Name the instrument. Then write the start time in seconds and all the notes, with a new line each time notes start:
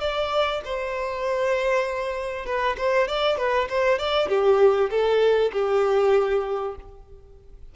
violin
0.00 D5
0.64 C5
2.45 B4
2.77 C5
3.08 D5
3.37 B4
3.69 C5
3.98 D5
4.28 G4
4.90 A4
5.52 G4